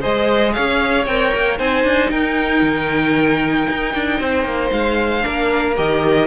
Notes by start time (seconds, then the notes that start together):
0.00 G#3 G#4 C5 D#5
0.53 C#4 C#5 F5
1.06 C4 A#4 G5
1.34 A#3
1.57 C4 D#4 C5 G#5
1.84 D4
2.10 D#4 A#4 G5
2.62 D#3
3.70 D#4
3.94 D4
4.20 C4 C5
4.44 A#3
4.71 G#3 F5
5.21 A#3 D4 A#4
5.76 D#3 G4 D#5